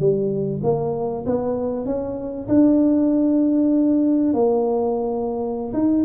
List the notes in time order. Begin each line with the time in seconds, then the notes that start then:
0.00 G3
0.64 A#3
1.26 B3
1.86 C#4
2.49 D4
4.34 A#3
5.74 D#4